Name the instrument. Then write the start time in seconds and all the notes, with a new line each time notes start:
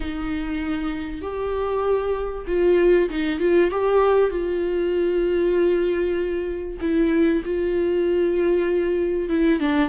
viola
0.00 D#4
1.21 G4
2.47 F4
3.09 D#4
3.39 F4
3.70 G4
4.30 F4
6.80 E4
7.44 F4
9.29 E4
9.60 D4